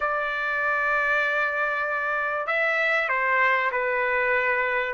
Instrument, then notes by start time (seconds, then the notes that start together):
trumpet
0.00 D5
2.46 E5
3.08 C5
3.71 B4